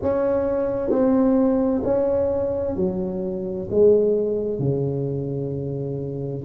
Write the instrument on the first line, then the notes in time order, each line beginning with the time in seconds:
tuba
0.02 C#4
0.89 C4
1.84 C#4
2.76 F#3
3.70 G#3
4.59 C#3